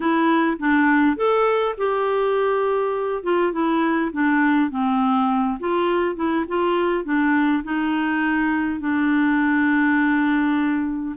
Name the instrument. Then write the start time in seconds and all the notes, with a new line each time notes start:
clarinet
0.00 E4
0.59 D4
1.16 A4
1.77 G4
3.23 F4
3.52 E4
4.12 D4
4.70 C4
5.59 F4
6.15 E4
6.48 F4
7.04 D4
7.63 D#4
8.80 D4